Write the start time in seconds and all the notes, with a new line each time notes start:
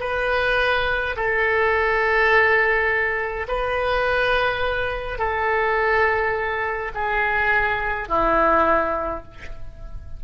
0.00 B4
1.16 A4
3.48 B4
5.18 A4
6.94 G#4
8.08 E4